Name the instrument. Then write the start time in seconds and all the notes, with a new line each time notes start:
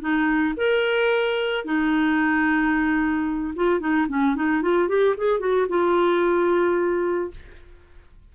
clarinet
0.00 D#4
0.57 A#4
1.64 D#4
3.56 F4
3.80 D#4
4.08 C#4
4.35 D#4
4.62 F4
4.88 G4
5.17 G#4
5.40 F#4
5.68 F4